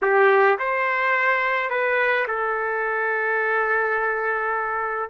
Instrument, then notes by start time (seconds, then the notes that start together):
trumpet
0.02 G4
0.58 C5
1.70 B4
2.27 A4